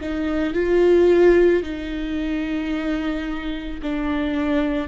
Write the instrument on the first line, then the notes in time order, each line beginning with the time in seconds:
viola
0.00 D#4
0.53 F4
1.62 D#4
3.82 D4